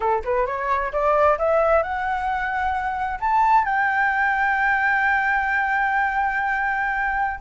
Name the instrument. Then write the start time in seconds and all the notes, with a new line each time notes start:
flute
0.00 A4
0.24 B4
0.46 C#5
0.92 D5
1.38 E5
1.82 F#5
3.20 A5
3.64 G5